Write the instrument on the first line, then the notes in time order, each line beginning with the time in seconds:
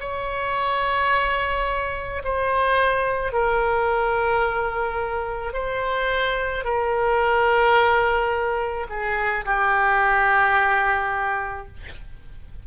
oboe
0.00 C#5
2.24 C5
3.33 A#4
5.54 C5
6.65 A#4
8.89 G#4
9.45 G4